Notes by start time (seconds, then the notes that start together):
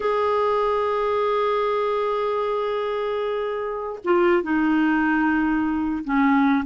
0.00 G#4
4.04 F4
4.42 D#4
6.04 C#4